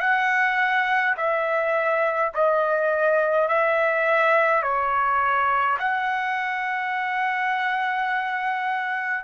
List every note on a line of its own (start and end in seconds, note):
0.00 1.15 F#5
1.17 2.33 E5
2.34 3.48 D#5
3.48 4.63 E5
4.63 5.78 C#5
5.80 9.24 F#5